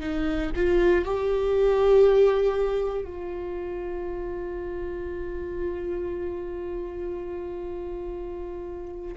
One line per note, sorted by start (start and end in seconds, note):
0.00 0.51 D#4
0.55 1.05 F4
1.05 3.05 G4
3.05 9.15 F4